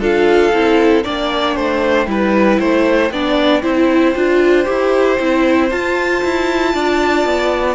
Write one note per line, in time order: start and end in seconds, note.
0.00 0.52 D4
0.00 0.52 F4
0.00 1.03 A4
0.00 1.05 F5
0.53 1.04 C4
0.53 1.04 E4
1.03 1.56 A#3
1.03 2.07 D4
1.03 1.55 D5
1.03 5.70 G5
1.55 2.06 A3
1.55 2.07 C5
2.06 2.58 G3
2.06 3.10 E4
2.06 2.59 B4
2.59 3.11 A3
2.59 3.11 C5
3.11 3.62 B3
3.11 3.62 D4
3.11 3.62 D5
3.62 4.15 C4
3.62 4.14 E4
3.62 6.72 C5
4.15 4.67 D4
4.15 4.65 F4
4.65 5.19 E4
4.65 5.17 G4
5.19 5.71 C4
5.19 5.71 E4
5.70 6.23 F4
5.70 7.75 F4
5.70 7.75 A5
6.24 6.74 E4
6.74 7.25 D4
6.74 7.75 D5
7.25 7.75 B3